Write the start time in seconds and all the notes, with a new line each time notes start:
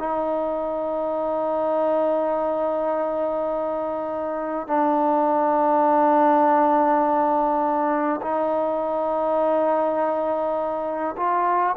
0.00 D#4
4.68 D4
8.22 D#4
11.17 F4